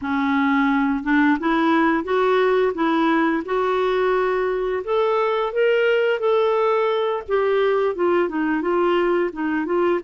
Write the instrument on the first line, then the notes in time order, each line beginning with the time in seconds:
clarinet
0.01 C#4
1.03 D4
1.39 E4
2.03 F#4
2.74 E4
3.45 F#4
4.84 A4
5.52 A#4
6.19 A4
7.28 G4
7.95 F4
8.28 D#4
8.61 F4
9.33 D#4
9.65 F4